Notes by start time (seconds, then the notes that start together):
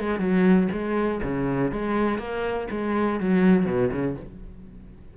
0.00 G#3
0.19 F#3
0.72 G#3
1.23 C#3
1.72 G#3
2.19 A#3
2.71 G#3
3.20 F#3
3.66 B2
3.92 C#3